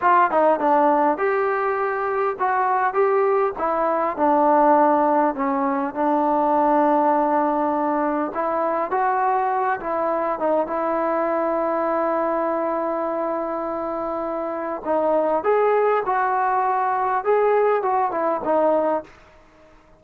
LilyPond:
\new Staff \with { instrumentName = "trombone" } { \time 4/4 \tempo 4 = 101 f'8 dis'8 d'4 g'2 | fis'4 g'4 e'4 d'4~ | d'4 cis'4 d'2~ | d'2 e'4 fis'4~ |
fis'8 e'4 dis'8 e'2~ | e'1~ | e'4 dis'4 gis'4 fis'4~ | fis'4 gis'4 fis'8 e'8 dis'4 | }